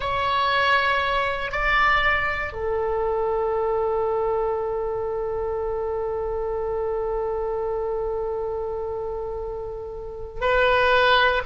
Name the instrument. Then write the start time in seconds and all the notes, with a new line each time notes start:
oboe
0.00 C#5
1.51 D5
2.52 A4
10.41 B4